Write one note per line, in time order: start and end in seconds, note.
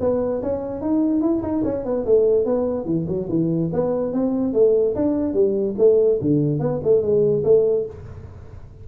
0.00 0.41 B3
0.42 0.81 C#4
0.81 1.21 D#4
1.21 1.42 E4
1.42 1.63 D#4
1.64 1.85 C#4
1.85 2.05 B3
2.05 2.45 A3
2.45 2.85 B3
2.85 3.06 E3
3.08 3.28 F#3
3.29 3.71 E3
3.73 4.13 B3
4.13 4.53 C4
4.53 4.95 A3
4.95 5.34 D4
5.34 5.75 G3
5.78 6.19 A3
6.21 6.60 D3
6.60 6.80 B3
6.84 7.02 A3
7.02 7.43 G#3
7.44 7.85 A3